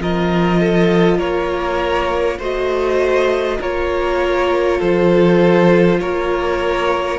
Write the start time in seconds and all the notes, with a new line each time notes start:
0.00 F3 F4 A#4 D#5
0.60 A4
1.19 A#3 A#4 C#5
2.39 A3 F#4 C5 D#5
3.60 A#3 F4 A#4 C#5
4.79 F3 A4 C5
6.00 A#3 A#4 C#5